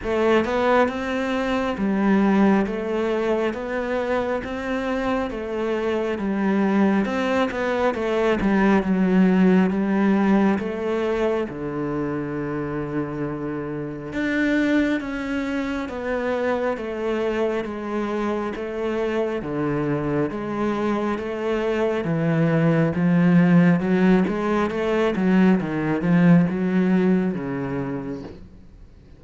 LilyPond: \new Staff \with { instrumentName = "cello" } { \time 4/4 \tempo 4 = 68 a8 b8 c'4 g4 a4 | b4 c'4 a4 g4 | c'8 b8 a8 g8 fis4 g4 | a4 d2. |
d'4 cis'4 b4 a4 | gis4 a4 d4 gis4 | a4 e4 f4 fis8 gis8 | a8 fis8 dis8 f8 fis4 cis4 | }